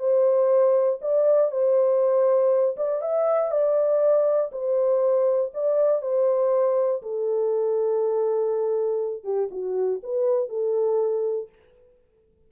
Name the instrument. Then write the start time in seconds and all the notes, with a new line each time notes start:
horn
0.00 C5
1.02 D5
1.52 C5
2.77 D5
3.02 E5
3.52 D5
4.52 C5
5.54 D5
6.02 C5
7.03 A4
9.24 G4
9.51 F#4
10.03 B4
10.49 A4